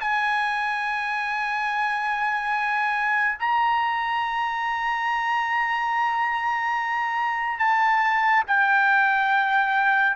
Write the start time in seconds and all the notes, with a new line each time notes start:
0.00 G#5
3.39 A#5
7.59 A5
8.47 G5